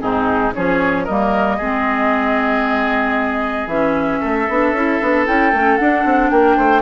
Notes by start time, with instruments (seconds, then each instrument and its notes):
0.00 bassoon G#2, clarinet C4, oboe D#4, flute G#4
0.54 bassoon F3, clarinet C#4, oboe G#4, flute C#5
1.05 bassoon G3, clarinet A#3, oboe A#4, flute D#5
1.57 bassoon G#3, clarinet C4, oboe G#4
3.67 bassoon E3, clarinet C#4, flute E5
4.21 bassoon A3, oboe A4
4.49 bassoon B3, clarinet D4
4.72 bassoon C#4, clarinet E4
5.01 bassoon B3, clarinet D4
5.26 bassoon C#4, clarinet E4, flute G5
5.53 bassoon A3, clarinet C#4
5.77 clarinet D4, bassoon D4, flute F#5
6.05 bassoon C4
6.30 bassoon A#3, oboe A#4, flute G5
6.57 bassoon A3, oboe C5